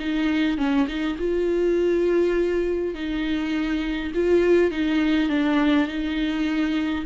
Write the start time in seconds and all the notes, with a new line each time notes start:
0.00 D#4
0.58 C#4
0.88 D#4
1.19 F4
2.95 D#4
4.15 F4
4.72 D#4
5.29 D4
5.88 D#4